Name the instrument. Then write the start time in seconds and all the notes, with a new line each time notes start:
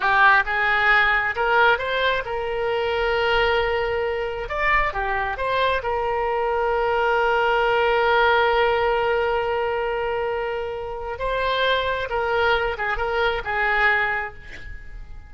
oboe
0.00 G4
0.45 G#4
1.35 A#4
1.78 C5
2.25 A#4
4.48 D5
4.93 G4
5.37 C5
5.82 A#4
11.18 C5
12.09 A#4
12.77 G#4
12.97 A#4
13.44 G#4